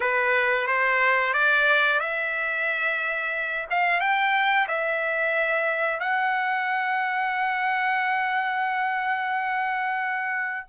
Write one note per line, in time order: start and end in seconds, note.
0.00 0.67 B4
0.67 1.33 C5
1.33 2.00 D5
2.00 3.66 E5
3.70 4.00 F5
4.00 4.67 G5
4.68 5.99 E5
5.99 10.66 F#5